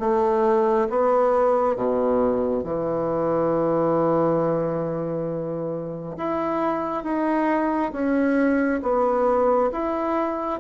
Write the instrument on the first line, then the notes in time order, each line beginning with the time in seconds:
bassoon
0.00 A3
0.90 B3
1.76 B2
2.64 E3
6.18 E4
7.04 D#4
7.93 C#4
8.83 B3
9.73 E4